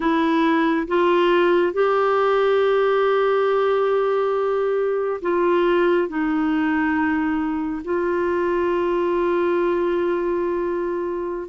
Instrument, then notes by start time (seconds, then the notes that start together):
clarinet
0.00 E4
0.87 F4
1.73 G4
5.21 F4
6.08 D#4
7.84 F4